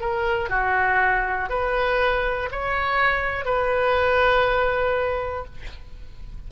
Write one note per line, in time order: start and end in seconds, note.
0.00 0.50 A#4
0.50 1.50 F#4
1.50 2.50 B4
2.51 3.45 C#5
3.45 5.45 B4